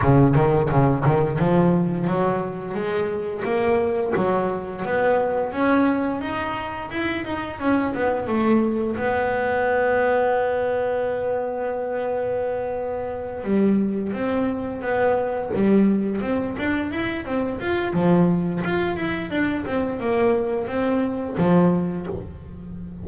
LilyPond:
\new Staff \with { instrumentName = "double bass" } { \time 4/4 \tempo 4 = 87 cis8 dis8 cis8 dis8 f4 fis4 | gis4 ais4 fis4 b4 | cis'4 dis'4 e'8 dis'8 cis'8 b8 | a4 b2.~ |
b2.~ b8 g8~ | g8 c'4 b4 g4 c'8 | d'8 e'8 c'8 f'8 f4 f'8 e'8 | d'8 c'8 ais4 c'4 f4 | }